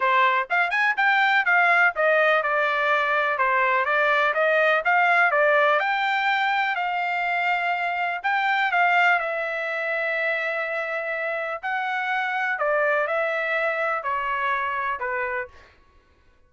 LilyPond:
\new Staff \with { instrumentName = "trumpet" } { \time 4/4 \tempo 4 = 124 c''4 f''8 gis''8 g''4 f''4 | dis''4 d''2 c''4 | d''4 dis''4 f''4 d''4 | g''2 f''2~ |
f''4 g''4 f''4 e''4~ | e''1 | fis''2 d''4 e''4~ | e''4 cis''2 b'4 | }